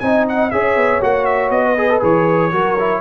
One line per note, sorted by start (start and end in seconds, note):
0.00 0.52 C4
0.00 0.51 D#4
0.00 0.53 D#5
0.00 0.25 G#5
0.29 0.51 F#5
0.51 0.76 C#4
0.51 1.01 G#4
0.51 1.66 C#5
0.51 1.01 E5
0.76 1.01 B3
1.01 1.50 A#3
1.01 1.77 F#4
1.01 1.25 F#5
1.25 1.50 E5
1.50 2.01 B3
1.50 2.01 D#5
1.66 2.53 B4
1.77 1.90 G#4
1.90 2.01 A4
2.01 2.53 E3
2.01 2.51 G#4
2.01 3.01 C#5
2.51 3.01 F#3
2.51 2.77 F#4
2.51 3.01 A#4
2.79 3.01 E4